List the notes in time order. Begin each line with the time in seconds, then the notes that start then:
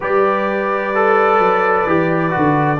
0.00 G3 G4 B4 D5
0.94 A4
1.38 F#3
1.86 E3 G4
2.30 F#4
2.36 D3